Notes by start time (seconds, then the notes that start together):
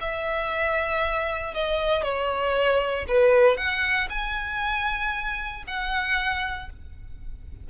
0.00 E5
1.54 D#5
2.03 C#5
3.08 B4
3.57 F#5
4.09 G#5
5.67 F#5